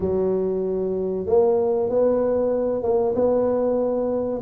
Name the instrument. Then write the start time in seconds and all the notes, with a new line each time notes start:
tuba
0.00 F#3
1.26 A#3
1.89 B3
2.82 A#3
3.15 B3